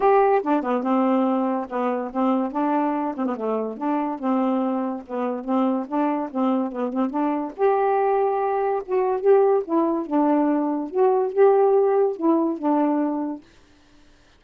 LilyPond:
\new Staff \with { instrumentName = "saxophone" } { \time 4/4 \tempo 4 = 143 g'4 d'8 b8 c'2 | b4 c'4 d'4. c'16 b16 | a4 d'4 c'2 | b4 c'4 d'4 c'4 |
b8 c'8 d'4 g'2~ | g'4 fis'4 g'4 e'4 | d'2 fis'4 g'4~ | g'4 e'4 d'2 | }